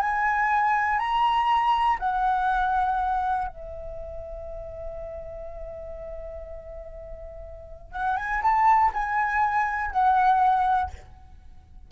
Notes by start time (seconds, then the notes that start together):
0.00 G#5
0.98 A#5
1.99 F#5
3.48 E5
7.92 F#5
8.17 G#5
8.42 A5
8.93 G#5
9.91 F#5